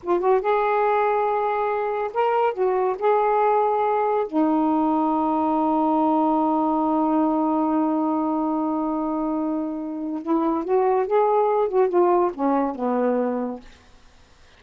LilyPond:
\new Staff \with { instrumentName = "saxophone" } { \time 4/4 \tempo 4 = 141 f'8 fis'8 gis'2.~ | gis'4 ais'4 fis'4 gis'4~ | gis'2 dis'2~ | dis'1~ |
dis'1~ | dis'1 | e'4 fis'4 gis'4. fis'8 | f'4 cis'4 b2 | }